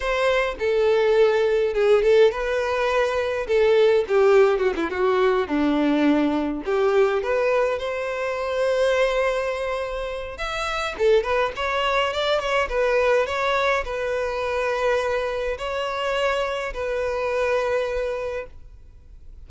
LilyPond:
\new Staff \with { instrumentName = "violin" } { \time 4/4 \tempo 4 = 104 c''4 a'2 gis'8 a'8 | b'2 a'4 g'4 | fis'16 e'16 fis'4 d'2 g'8~ | g'8 b'4 c''2~ c''8~ |
c''2 e''4 a'8 b'8 | cis''4 d''8 cis''8 b'4 cis''4 | b'2. cis''4~ | cis''4 b'2. | }